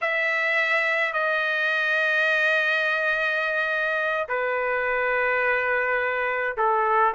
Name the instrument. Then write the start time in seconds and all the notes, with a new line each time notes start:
trumpet
0.01 E5
1.13 D#5
4.28 B4
6.57 A4